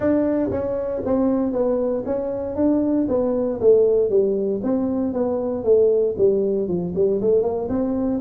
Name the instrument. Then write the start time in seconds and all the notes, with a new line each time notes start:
tuba
0.00 D4
0.50 C#4
1.05 C4
1.52 B3
2.05 C#4
2.55 D4
3.08 B3
3.60 A3
4.09 G3
4.63 C4
5.13 B3
5.64 A3
6.17 G3
6.68 F3
6.95 G3
7.21 A3
7.42 A#3
7.68 C4